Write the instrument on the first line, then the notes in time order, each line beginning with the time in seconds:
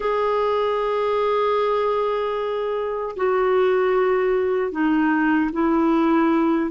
clarinet
0.00 G#4
3.16 F#4
4.71 D#4
5.52 E4